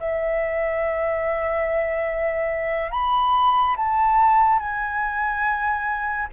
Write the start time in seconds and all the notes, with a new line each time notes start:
0.00 E5
2.92 B5
3.77 A5
4.59 G#5